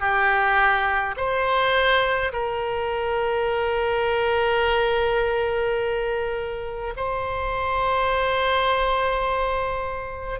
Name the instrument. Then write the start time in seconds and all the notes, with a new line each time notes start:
oboe
0.00 G4
1.16 C5
2.32 A#4
6.96 C5